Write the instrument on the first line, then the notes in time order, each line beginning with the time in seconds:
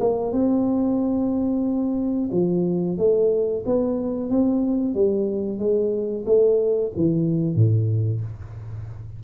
tuba
0.00 A#3
0.32 C4
2.31 F3
2.97 A3
3.66 B3
4.29 C4
4.94 G3
5.59 G#3
6.26 A3
6.96 E3
7.55 A2